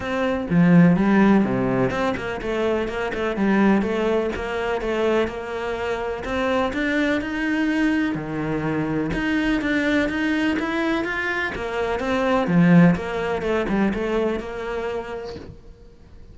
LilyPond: \new Staff \with { instrumentName = "cello" } { \time 4/4 \tempo 4 = 125 c'4 f4 g4 c4 | c'8 ais8 a4 ais8 a8 g4 | a4 ais4 a4 ais4~ | ais4 c'4 d'4 dis'4~ |
dis'4 dis2 dis'4 | d'4 dis'4 e'4 f'4 | ais4 c'4 f4 ais4 | a8 g8 a4 ais2 | }